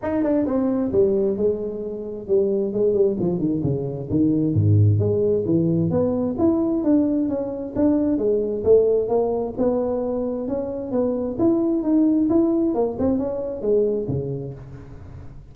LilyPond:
\new Staff \with { instrumentName = "tuba" } { \time 4/4 \tempo 4 = 132 dis'8 d'8 c'4 g4 gis4~ | gis4 g4 gis8 g8 f8 dis8 | cis4 dis4 gis,4 gis4 | e4 b4 e'4 d'4 |
cis'4 d'4 gis4 a4 | ais4 b2 cis'4 | b4 e'4 dis'4 e'4 | ais8 c'8 cis'4 gis4 cis4 | }